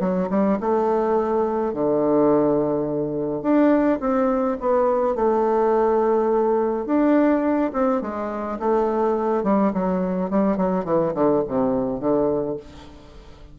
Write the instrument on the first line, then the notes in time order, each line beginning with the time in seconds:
bassoon
0.00 F#3
0.30 G3
0.61 A3
1.74 D3
3.42 D4
4.01 C4
4.60 B3
5.15 A3
6.86 D4
7.73 C4
8.02 G#3
8.60 A3
9.44 G3
9.74 F#3
10.30 G3
10.57 F#3
10.85 E3
11.15 D3
11.48 C3
12.00 D3